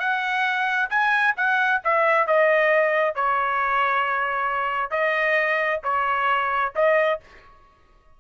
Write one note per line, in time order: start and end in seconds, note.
0.00 0.90 F#5
0.90 1.35 G#5
1.37 1.82 F#5
1.84 2.27 E5
2.27 3.15 D#5
3.15 4.91 C#5
4.91 5.80 D#5
5.83 6.73 C#5
6.76 7.20 D#5